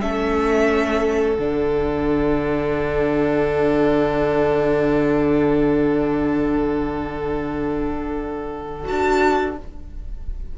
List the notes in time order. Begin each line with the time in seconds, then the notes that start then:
0.00 A3 C#4 A4 E5
1.34 D3 D4 F#5
8.84 D4 F#4 A5